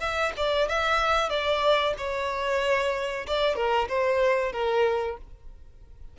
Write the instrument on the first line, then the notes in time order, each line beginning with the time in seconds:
violin
0.00 E5
0.37 D5
0.68 E5
1.29 D5
1.97 C#5
3.27 D5
3.56 A#4
3.88 C5
4.52 A#4